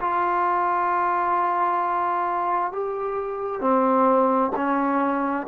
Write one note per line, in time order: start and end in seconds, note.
0.00 2.71 F4
2.71 3.60 G4
3.60 4.51 C4
4.55 5.46 C#4